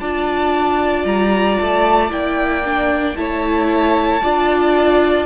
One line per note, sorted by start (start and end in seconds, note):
0.00 1.05 D4
0.00 2.11 F4
0.00 3.17 D5
0.00 1.05 A5
1.05 1.58 G3
1.05 1.59 A#5
1.59 2.11 A3
1.59 2.11 A5
2.11 3.16 A#3
2.11 2.64 E4
2.11 3.17 G5
2.66 3.16 D4
3.16 4.22 A3
3.16 4.22 E4
3.16 4.23 C#5
3.16 5.27 A5
4.23 5.27 D4
4.23 5.27 F4
4.23 5.27 D5